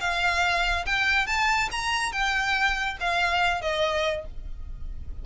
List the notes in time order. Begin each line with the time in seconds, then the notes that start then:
0.00 F5
0.85 G5
1.26 A5
1.71 A#5
2.12 G5
3.00 F5
3.61 D#5